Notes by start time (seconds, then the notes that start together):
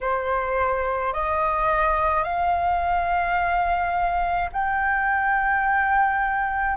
0.01 C5
1.13 D#5
2.23 F5
4.52 G5